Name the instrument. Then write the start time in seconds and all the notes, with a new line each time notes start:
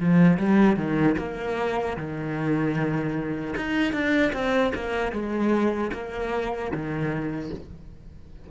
cello
0.00 F3
0.38 G3
0.76 D#3
1.18 A#3
1.97 D#3
3.56 D#4
3.93 D4
4.33 C4
4.75 A#3
5.12 G#3
5.93 A#3
6.72 D#3